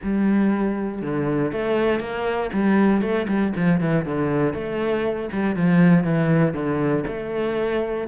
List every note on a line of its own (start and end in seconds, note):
0.03 1.01 G3
1.01 1.52 D3
1.52 1.99 A3
1.99 2.50 A#3
2.53 3.01 G3
3.01 3.26 A3
3.28 3.53 G3
3.56 3.80 F3
3.80 4.05 E3
4.05 4.53 D3
4.53 5.29 A3
5.32 5.56 G3
5.56 6.04 F3
6.04 6.53 E3
6.53 7.03 D3
7.07 8.07 A3